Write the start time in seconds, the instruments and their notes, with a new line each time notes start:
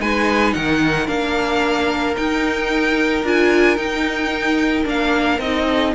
0.00 cello G#3, viola D#4, violin B4 G#5
0.53 cello D#3, violin A#4 F#5
1.07 cello A#3, viola D4, violin F5
2.16 viola D#4, cello D#4, violin G5
3.24 cello D4, viola F4, violin G#5
3.77 viola D#4, cello D#4, violin G5
4.84 cello A#3, viola D4, violin F5
5.38 cello C4, viola D#4, violin D#5
5.67 violin A4